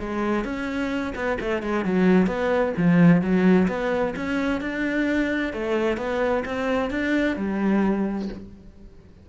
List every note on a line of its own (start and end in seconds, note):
0.00 0.45 G#3
0.45 1.14 C#4
1.15 1.38 B3
1.41 1.63 A3
1.63 1.85 G#3
1.85 2.27 F#3
2.27 2.73 B3
2.78 3.22 F3
3.22 3.68 F#3
3.68 4.15 B3
4.16 4.61 C#4
4.61 5.54 D4
5.54 5.98 A3
5.98 6.44 B3
6.46 6.91 C4
6.91 7.37 D4
7.37 8.29 G3